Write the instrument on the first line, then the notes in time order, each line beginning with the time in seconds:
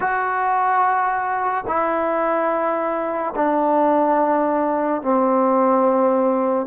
trombone
0.00 F#4
1.67 E4
3.35 D4
5.02 C4